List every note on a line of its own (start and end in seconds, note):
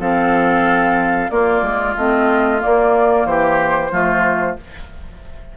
0.00 1.30 F3
0.00 1.31 C4
0.00 1.31 A4
0.00 1.30 F5
1.30 1.62 A#3
1.30 1.97 A#3
1.30 3.28 F4
1.30 1.95 D5
1.62 1.95 G#3
1.97 2.62 A3
1.97 2.59 C4
1.97 2.62 D#5
2.59 3.89 A#3
2.59 3.26 D5
2.66 3.25 A#3
3.25 3.91 E3
3.25 3.92 G4
3.25 4.57 C5
3.91 4.57 F3
3.91 4.57 A3
3.91 4.57 F4